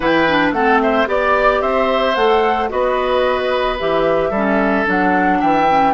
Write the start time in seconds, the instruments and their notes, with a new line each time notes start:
0.00 bassoon E3, clarinet E4, oboe B4, flute G5
0.28 clarinet D4
0.51 bassoon A3, clarinet C4, oboe A4, flute F#5
0.81 oboe C5, flute E5
1.06 bassoon B3, clarinet G4, oboe D5, flute D5
1.61 bassoon C4, oboe C5, flute E5
2.15 bassoon A3, clarinet A4, flute F#5
2.68 bassoon B3, clarinet F#4, oboe B4, flute D#5
3.78 bassoon E3, clarinet G4, flute E5
4.30 bassoon G3, clarinet C#4, oboe A4
4.85 bassoon F#3, clarinet D4, flute F#5
5.40 bassoon E3, oboe E5, flute G5
5.70 clarinet C#4